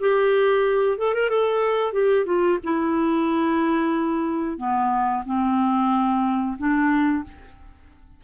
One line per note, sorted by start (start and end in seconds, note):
0.00 0.98 G4
0.98 1.14 A4
1.14 1.29 A#4
1.29 1.93 A4
1.93 2.26 G4
2.26 2.59 F4
2.64 4.58 E4
4.58 5.24 B3
5.25 6.57 C4
6.58 7.24 D4